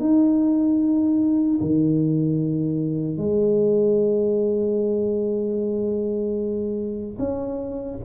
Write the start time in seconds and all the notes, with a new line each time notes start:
0.00 D#4
1.61 D#3
3.18 G#3
7.19 C#4